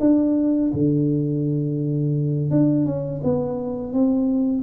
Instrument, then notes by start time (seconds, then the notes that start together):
tuba
0.00 D4
0.73 D3
2.51 D4
2.85 C#4
3.24 B3
3.93 C4